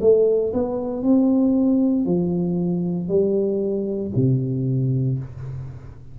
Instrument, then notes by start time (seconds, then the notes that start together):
tuba
0.00 A3
0.53 B3
1.03 C4
2.05 F3
3.08 G3
4.15 C3